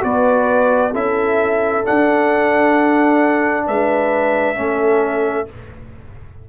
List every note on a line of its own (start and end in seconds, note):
0.00 0.94 B3
0.00 0.91 F#4
0.00 0.93 B4
0.00 0.94 D5
0.93 1.85 C#4
0.93 1.84 E4
0.93 3.66 A4
0.93 1.86 E5
1.84 4.55 D4
1.84 3.68 D4
1.84 3.67 F#5
3.66 4.58 G#3
3.66 4.57 B4
3.66 5.49 E5
4.55 5.49 A3
4.55 5.46 C#4
4.55 5.48 A4